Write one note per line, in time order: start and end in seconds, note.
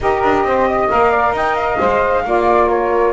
0.00 0.23 D#4
0.00 0.89 G4
0.00 0.46 A#4
0.00 0.90 D#5
0.23 0.43 D4
0.43 0.88 C4
0.43 0.68 C5
0.68 1.10 D#5
0.89 1.32 A#3
0.89 1.79 A#4
0.89 1.34 F5
1.10 1.33 D5
1.32 1.76 D#4
1.32 2.24 D#5
1.32 1.55 G5
1.55 2.67 F5
1.79 2.25 G#3
1.79 2.24 C5
2.24 3.13 A#3
2.24 3.13 F4
2.24 2.68 D5
2.68 3.12 A#4
2.68 3.13 C#5